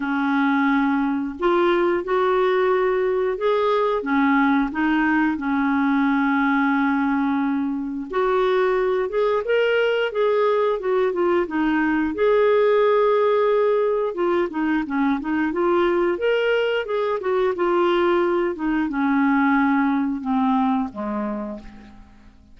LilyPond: \new Staff \with { instrumentName = "clarinet" } { \time 4/4 \tempo 4 = 89 cis'2 f'4 fis'4~ | fis'4 gis'4 cis'4 dis'4 | cis'1 | fis'4. gis'8 ais'4 gis'4 |
fis'8 f'8 dis'4 gis'2~ | gis'4 f'8 dis'8 cis'8 dis'8 f'4 | ais'4 gis'8 fis'8 f'4. dis'8 | cis'2 c'4 gis4 | }